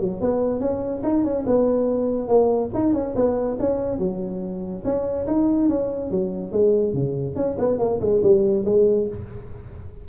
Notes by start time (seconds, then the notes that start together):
0.00 F#3
0.21 B3
0.60 C#4
1.03 D#4
1.24 C#4
1.46 B3
2.28 A#3
2.74 D#4
2.93 C#4
3.15 B3
3.59 C#4
3.99 F#3
4.84 C#4
5.27 D#4
5.69 C#4
6.11 F#3
6.52 G#3
6.94 C#3
7.36 C#4
7.59 B3
7.79 A#3
8.01 G#3
8.23 G3
8.65 G#3